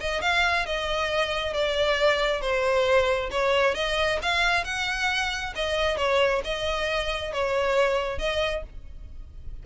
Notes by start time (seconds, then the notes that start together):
0.00 D#5
0.21 F5
0.65 D#5
1.53 D5
2.41 C5
3.31 C#5
3.74 D#5
4.22 F5
4.64 F#5
5.55 D#5
5.97 C#5
6.44 D#5
7.33 C#5
8.18 D#5